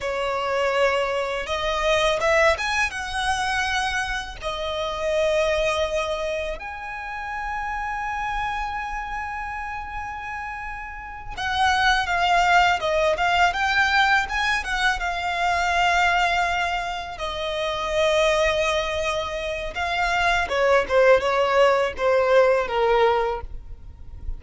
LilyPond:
\new Staff \with { instrumentName = "violin" } { \time 4/4 \tempo 4 = 82 cis''2 dis''4 e''8 gis''8 | fis''2 dis''2~ | dis''4 gis''2.~ | gis''2.~ gis''8 fis''8~ |
fis''8 f''4 dis''8 f''8 g''4 gis''8 | fis''8 f''2. dis''8~ | dis''2. f''4 | cis''8 c''8 cis''4 c''4 ais'4 | }